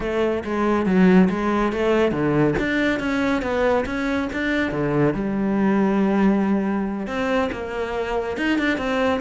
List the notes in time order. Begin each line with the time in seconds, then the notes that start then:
0.00 A3
0.44 G#3
0.86 F#3
1.29 G#3
1.72 A3
2.11 D3
2.58 D4
2.99 C#4
3.41 B3
3.85 C#4
4.32 D4
4.71 D3
5.14 G3
7.07 C4
7.51 A#3
8.37 D#4
8.58 D4
8.77 C4